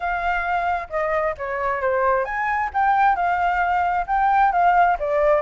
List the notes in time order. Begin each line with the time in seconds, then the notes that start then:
0.00 F5
0.89 D#5
1.37 C#5
1.81 C5
2.25 G#5
2.73 G5
3.15 F5
4.06 G5
4.52 F5
4.99 D5